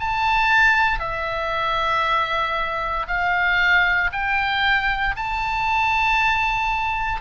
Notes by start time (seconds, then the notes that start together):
0.00 A5
1.00 E5
3.08 F5
4.12 G5
5.17 A5